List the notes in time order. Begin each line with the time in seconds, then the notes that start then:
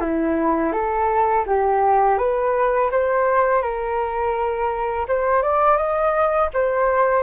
0.00 E4
0.72 A4
1.46 G4
2.18 B4
2.91 C5
3.62 A#4
5.08 C5
5.42 D5
5.77 D#5
6.54 C5